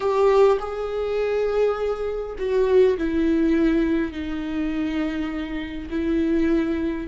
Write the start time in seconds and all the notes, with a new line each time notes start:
0.00 G4
0.59 G#4
2.38 F#4
2.97 E4
4.12 D#4
5.90 E4